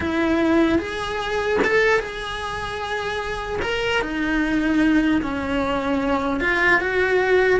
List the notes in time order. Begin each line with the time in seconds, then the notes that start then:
0.00 E4
0.78 G#4
1.63 A4
1.99 G#4
3.62 A#4
4.01 D#4
5.22 C#4
6.40 F4
6.80 F#4